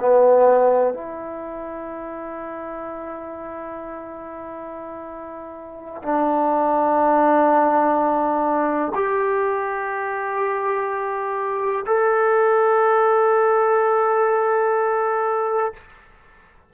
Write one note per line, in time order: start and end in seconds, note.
0.00 0.94 B3
0.94 6.02 E4
6.02 8.93 D4
8.95 11.85 G4
11.86 15.73 A4